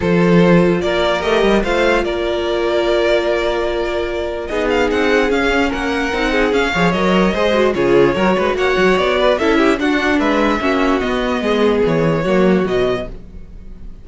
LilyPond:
<<
  \new Staff \with { instrumentName = "violin" } { \time 4/4 \tempo 4 = 147 c''2 d''4 dis''4 | f''4 d''2.~ | d''2. dis''8 f''8 | fis''4 f''4 fis''2 |
f''4 dis''2 cis''4~ | cis''4 fis''4 d''4 e''4 | fis''4 e''2 dis''4~ | dis''4 cis''2 dis''4 | }
  \new Staff \with { instrumentName = "violin" } { \time 4/4 a'2 ais'2 | c''4 ais'2.~ | ais'2. gis'4~ | gis'2 ais'4. gis'8~ |
gis'8 cis''4. c''4 gis'4 | ais'8 b'8 cis''4. b'8 a'8 g'8 | fis'4 b'4 fis'2 | gis'2 fis'2 | }
  \new Staff \with { instrumentName = "viola" } { \time 4/4 f'2. g'4 | f'1~ | f'2. dis'4~ | dis'4 cis'2 dis'4 |
cis'8 gis'8 ais'4 gis'8 fis'8 f'4 | fis'2. e'4 | d'2 cis'4 b4~ | b2 ais4 fis4 | }
  \new Staff \with { instrumentName = "cello" } { \time 4/4 f2 ais4 a8 g8 | a4 ais2.~ | ais2. b4 | c'4 cis'4 ais4 c'4 |
cis'8 f8 fis4 gis4 cis4 | fis8 gis8 ais8 fis8 b4 cis'4 | d'4 gis4 ais4 b4 | gis4 e4 fis4 b,4 | }
>>